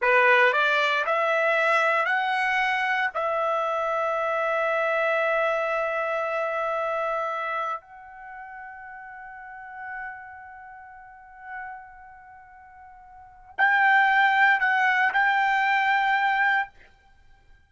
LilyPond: \new Staff \with { instrumentName = "trumpet" } { \time 4/4 \tempo 4 = 115 b'4 d''4 e''2 | fis''2 e''2~ | e''1~ | e''2. fis''4~ |
fis''1~ | fis''1~ | fis''2 g''2 | fis''4 g''2. | }